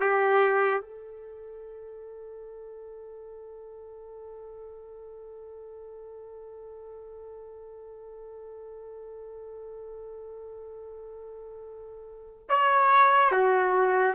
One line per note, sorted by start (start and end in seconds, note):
0.00 0.81 G4
0.81 12.48 A4
12.49 13.32 C#5
13.32 14.15 F#4